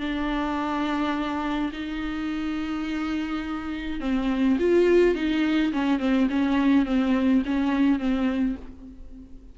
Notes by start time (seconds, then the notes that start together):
0.00 D4
1.73 D#4
4.01 C4
4.59 F4
5.15 D#4
5.73 C#4
5.99 C4
6.30 C#4
6.85 C4
7.46 C#4
7.99 C4